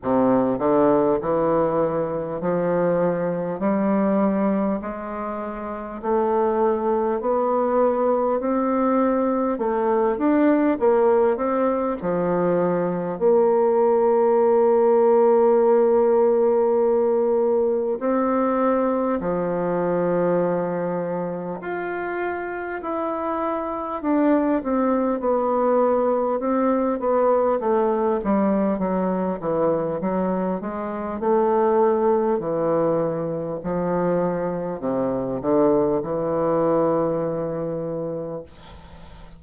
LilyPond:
\new Staff \with { instrumentName = "bassoon" } { \time 4/4 \tempo 4 = 50 c8 d8 e4 f4 g4 | gis4 a4 b4 c'4 | a8 d'8 ais8 c'8 f4 ais4~ | ais2. c'4 |
f2 f'4 e'4 | d'8 c'8 b4 c'8 b8 a8 g8 | fis8 e8 fis8 gis8 a4 e4 | f4 c8 d8 e2 | }